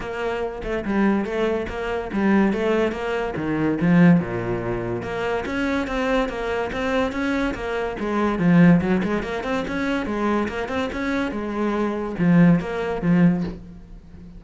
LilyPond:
\new Staff \with { instrumentName = "cello" } { \time 4/4 \tempo 4 = 143 ais4. a8 g4 a4 | ais4 g4 a4 ais4 | dis4 f4 ais,2 | ais4 cis'4 c'4 ais4 |
c'4 cis'4 ais4 gis4 | f4 fis8 gis8 ais8 c'8 cis'4 | gis4 ais8 c'8 cis'4 gis4~ | gis4 f4 ais4 f4 | }